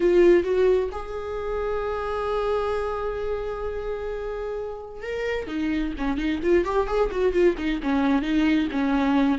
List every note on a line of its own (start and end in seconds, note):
0.00 0.43 F4
0.43 0.89 F#4
0.91 5.02 G#4
5.02 5.47 A#4
5.47 5.93 D#4
5.98 6.17 C#4
6.17 6.40 D#4
6.42 6.64 F4
6.64 6.87 G4
6.87 7.10 G#4
7.11 7.32 F#4
7.32 7.55 F4
7.57 7.80 D#4
7.82 8.22 C#4
8.22 8.68 D#4
8.71 9.38 C#4